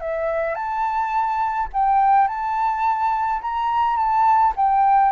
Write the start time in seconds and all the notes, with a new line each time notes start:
0.00 E5
0.55 A5
1.73 G5
2.28 A5
3.41 A#5
3.96 A5
4.56 G5